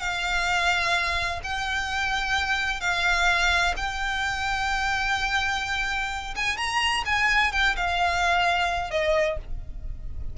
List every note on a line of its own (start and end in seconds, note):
0.00 1.41 F5
1.44 2.81 G5
2.81 3.75 F5
3.77 6.35 G5
6.36 6.57 G#5
6.57 7.04 A#5
7.06 7.53 G#5
7.53 7.76 G5
7.77 8.91 F5
8.91 9.38 D#5